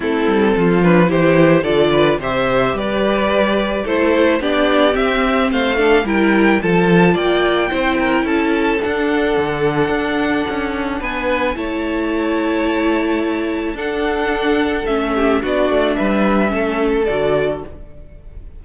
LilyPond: <<
  \new Staff \with { instrumentName = "violin" } { \time 4/4 \tempo 4 = 109 a'4. b'8 c''4 d''4 | e''4 d''2 c''4 | d''4 e''4 f''4 g''4 | a''4 g''2 a''4 |
fis''1 | gis''4 a''2.~ | a''4 fis''2 e''4 | d''4 e''2 d''4 | }
  \new Staff \with { instrumentName = "violin" } { \time 4/4 e'4 f'4 g'4 a'8 b'8 | c''4 b'2 a'4 | g'2 c''8 a'8 ais'4 | a'4 d''4 c''8 ais'8 a'4~ |
a'1 | b'4 cis''2.~ | cis''4 a'2~ a'8 g'8 | fis'4 b'4 a'2 | }
  \new Staff \with { instrumentName = "viola" } { \time 4/4 c'4. d'8 e'4 f'4 | g'2. e'4 | d'4 c'4. d'8 e'4 | f'2 e'2 |
d'1~ | d'4 e'2.~ | e'4 d'2 cis'4 | d'2 cis'4 fis'4 | }
  \new Staff \with { instrumentName = "cello" } { \time 4/4 a8 g8 f4 e4 d4 | c4 g2 a4 | b4 c'4 a4 g4 | f4 ais4 c'4 cis'4 |
d'4 d4 d'4 cis'4 | b4 a2.~ | a4 d'2 a4 | b8 a8 g4 a4 d4 | }
>>